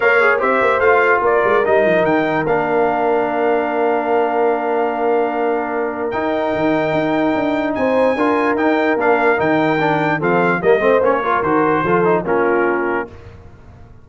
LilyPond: <<
  \new Staff \with { instrumentName = "trumpet" } { \time 4/4 \tempo 4 = 147 f''4 e''4 f''4 d''4 | dis''4 g''4 f''2~ | f''1~ | f''2. g''4~ |
g''2. gis''4~ | gis''4 g''4 f''4 g''4~ | g''4 f''4 dis''4 cis''4 | c''2 ais'2 | }
  \new Staff \with { instrumentName = "horn" } { \time 4/4 cis''4 c''2 ais'4~ | ais'1~ | ais'1~ | ais'1~ |
ais'2. c''4 | ais'1~ | ais'4 a'4 ais'8 c''4 ais'8~ | ais'4 a'4 f'2 | }
  \new Staff \with { instrumentName = "trombone" } { \time 4/4 ais'8 gis'8 g'4 f'2 | dis'2 d'2~ | d'1~ | d'2. dis'4~ |
dis'1 | f'4 dis'4 d'4 dis'4 | d'4 c'4 ais8 c'8 cis'8 f'8 | fis'4 f'8 dis'8 cis'2 | }
  \new Staff \with { instrumentName = "tuba" } { \time 4/4 ais4 c'8 ais8 a4 ais8 gis8 | g8 f8 dis4 ais2~ | ais1~ | ais2. dis'4 |
dis4 dis'4 d'4 c'4 | d'4 dis'4 ais4 dis4~ | dis4 f4 g8 a8 ais4 | dis4 f4 ais2 | }
>>